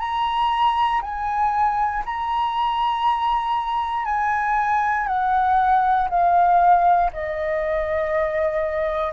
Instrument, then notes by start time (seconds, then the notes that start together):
flute
0.00 A#5
1.02 G#5
2.06 A#5
4.05 G#5
5.07 F#5
6.10 F5
7.13 D#5